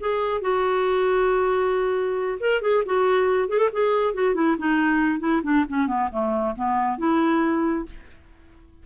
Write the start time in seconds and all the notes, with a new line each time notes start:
0.00 G#4
0.41 F#4
2.40 A#4
2.62 G#4
2.86 F#4
3.49 G#4
3.58 A4
3.72 G#4
4.14 F#4
4.35 E4
4.59 D#4
5.20 E4
5.43 D4
5.69 C#4
5.87 B3
6.12 A3
6.56 B3
6.98 E4